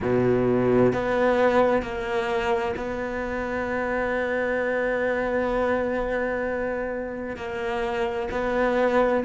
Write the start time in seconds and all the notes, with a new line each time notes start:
0.00 B2
0.92 B3
1.82 A#3
2.76 B3
7.36 A#3
8.31 B3